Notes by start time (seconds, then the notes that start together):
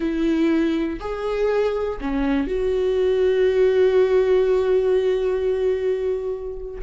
0.00 E4
1.00 G#4
2.00 C#4
2.47 F#4